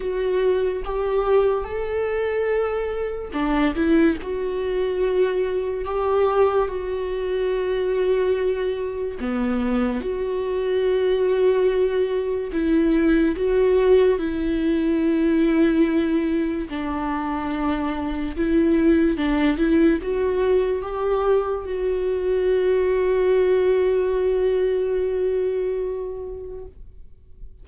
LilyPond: \new Staff \with { instrumentName = "viola" } { \time 4/4 \tempo 4 = 72 fis'4 g'4 a'2 | d'8 e'8 fis'2 g'4 | fis'2. b4 | fis'2. e'4 |
fis'4 e'2. | d'2 e'4 d'8 e'8 | fis'4 g'4 fis'2~ | fis'1 | }